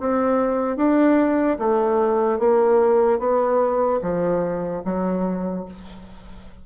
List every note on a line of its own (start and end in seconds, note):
0.00 0.77 C4
0.77 1.58 D4
1.59 2.39 A3
2.39 3.19 A#3
3.19 4.00 B3
4.02 4.83 F3
4.85 5.66 F#3